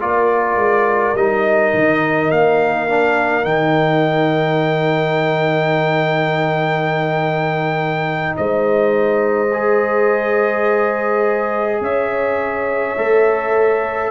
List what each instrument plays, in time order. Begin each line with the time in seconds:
0.00 tuba A#3, trombone F4, horn A#4, trumpet D5
0.55 tuba G#3
1.14 tuba G3, trombone D#4, trumpet D#5
1.73 tuba D#3
2.31 tuba A#3, trumpet F5
2.88 trombone D4
3.43 tuba D#3, trombone D#4, trumpet G5
8.37 tuba G#3, horn C5, trumpet D#5
9.53 trombone G#4
11.81 tuba C#4, horn C#5, trumpet E5
12.97 tuba A3, trombone A4